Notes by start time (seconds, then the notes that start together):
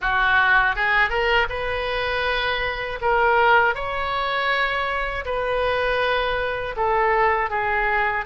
0.01 F#4
0.75 G#4
1.09 A#4
1.49 B4
3.01 A#4
3.75 C#5
5.25 B4
6.76 A4
7.50 G#4